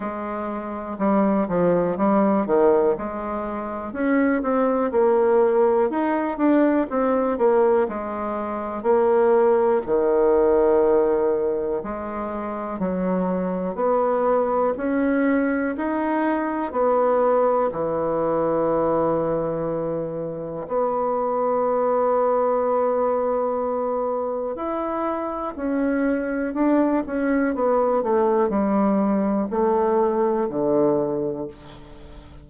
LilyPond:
\new Staff \with { instrumentName = "bassoon" } { \time 4/4 \tempo 4 = 61 gis4 g8 f8 g8 dis8 gis4 | cis'8 c'8 ais4 dis'8 d'8 c'8 ais8 | gis4 ais4 dis2 | gis4 fis4 b4 cis'4 |
dis'4 b4 e2~ | e4 b2.~ | b4 e'4 cis'4 d'8 cis'8 | b8 a8 g4 a4 d4 | }